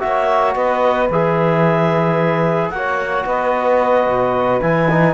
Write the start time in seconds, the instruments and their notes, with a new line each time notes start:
0.00 cello A#3, trombone F#4, saxophone C#5, clarinet E5
0.55 cello B3, saxophone B4, clarinet D#5
1.10 cello E3, trombone G#4, clarinet E5
2.70 cello A#3, trombone F#4, saxophone C#5, clarinet F#5
3.25 cello B3, saxophone B4, clarinet D#5
4.07 cello B2
4.61 cello E3, trombone E4, clarinet G#5
4.90 trombone D#4